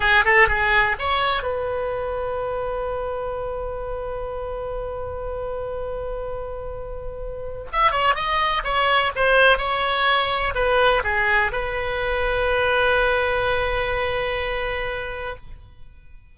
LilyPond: \new Staff \with { instrumentName = "oboe" } { \time 4/4 \tempo 4 = 125 gis'8 a'8 gis'4 cis''4 b'4~ | b'1~ | b'1~ | b'1 |
e''8 cis''8 dis''4 cis''4 c''4 | cis''2 b'4 gis'4 | b'1~ | b'1 | }